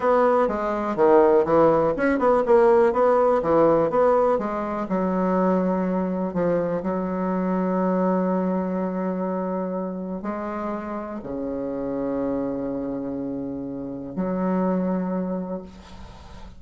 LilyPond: \new Staff \with { instrumentName = "bassoon" } { \time 4/4 \tempo 4 = 123 b4 gis4 dis4 e4 | cis'8 b8 ais4 b4 e4 | b4 gis4 fis2~ | fis4 f4 fis2~ |
fis1~ | fis4 gis2 cis4~ | cis1~ | cis4 fis2. | }